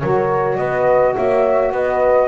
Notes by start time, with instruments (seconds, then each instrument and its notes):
0.00 double bass F#3, saxophone F#4, horn A#4, flute C#5
0.57 double bass B3, horn B4, flute D#5
1.15 double bass A#3, horn C#5, flute E5
1.72 double bass B3, horn B4, flute D#5